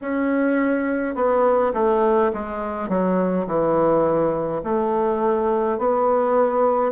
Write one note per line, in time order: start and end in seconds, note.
0.01 1.15 C#4
1.15 1.73 B3
1.73 2.31 A3
2.33 2.88 G#3
2.88 3.46 F#3
3.46 4.62 E3
4.63 5.78 A3
5.78 6.92 B3